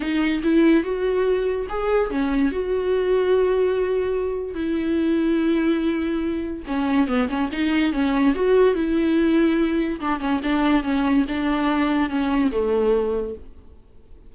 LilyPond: \new Staff \with { instrumentName = "viola" } { \time 4/4 \tempo 4 = 144 dis'4 e'4 fis'2 | gis'4 cis'4 fis'2~ | fis'2. e'4~ | e'1 |
cis'4 b8 cis'8 dis'4 cis'4 | fis'4 e'2. | d'8 cis'8 d'4 cis'4 d'4~ | d'4 cis'4 a2 | }